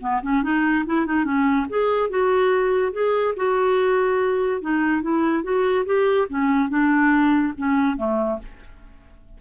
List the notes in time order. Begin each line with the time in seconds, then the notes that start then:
0.00 B3
0.22 C#4
0.43 D#4
0.86 E4
1.06 D#4
1.24 C#4
1.69 G#4
2.09 F#4
2.92 G#4
3.36 F#4
4.61 D#4
5.02 E4
5.43 F#4
5.85 G4
6.29 C#4
6.69 D4
7.57 C#4
7.96 A3